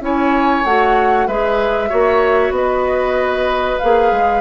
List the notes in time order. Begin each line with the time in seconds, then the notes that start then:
0.00 C#4 E4 C#5 G#5
0.65 A3 F#4 F#5
1.27 G#3 G#4 B4 E5
1.89 A#3 F#4 C#5
2.50 B3 D#5
2.57 B4
3.79 A#3 G#4 F5
4.11 G#3